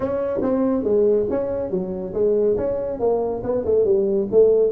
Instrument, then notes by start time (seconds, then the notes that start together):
tuba
0.00 C#4
0.41 C4
0.83 G#3
1.30 C#4
1.70 F#3
2.13 G#3
2.57 C#4
2.99 A#3
3.43 B3
3.65 A3
3.84 G3
4.31 A3